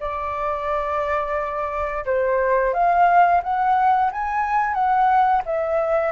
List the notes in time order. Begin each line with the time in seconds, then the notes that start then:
0.00 D5
2.05 C5
2.73 F5
3.43 F#5
4.12 G#5
4.74 F#5
5.45 E5